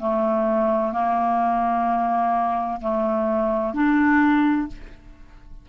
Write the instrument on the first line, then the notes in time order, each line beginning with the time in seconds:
clarinet
0.00 A3
0.93 A#3
2.81 A3
3.74 D4